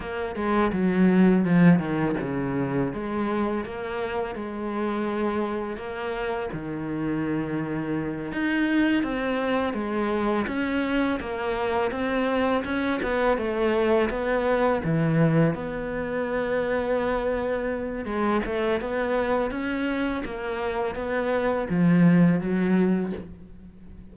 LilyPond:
\new Staff \with { instrumentName = "cello" } { \time 4/4 \tempo 4 = 83 ais8 gis8 fis4 f8 dis8 cis4 | gis4 ais4 gis2 | ais4 dis2~ dis8 dis'8~ | dis'8 c'4 gis4 cis'4 ais8~ |
ais8 c'4 cis'8 b8 a4 b8~ | b8 e4 b2~ b8~ | b4 gis8 a8 b4 cis'4 | ais4 b4 f4 fis4 | }